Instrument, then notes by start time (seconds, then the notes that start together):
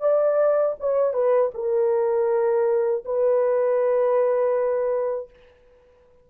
horn
0.00 D5
0.79 C#5
1.13 B4
1.54 A#4
3.04 B4